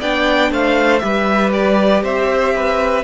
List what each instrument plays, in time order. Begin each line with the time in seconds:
0.00 cello B3, viola D4, violin D5 G5
0.51 cello A3, violin C5 F5
0.99 cello G3, viola G4, violin B4 E5
1.53 violin D5
2.03 cello C4, violin C5 E5
2.56 violin B4